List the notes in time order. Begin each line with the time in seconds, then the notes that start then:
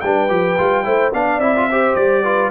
0.00 G3 D4 B4 G5
0.28 F3 G4
0.58 G3 F4
0.84 A3 E4 C5
1.12 B3 D4 D5 F5
1.38 C4 E4 E5
1.56 F4
1.70 G4 C5
1.95 G3 D5
2.23 F4 B4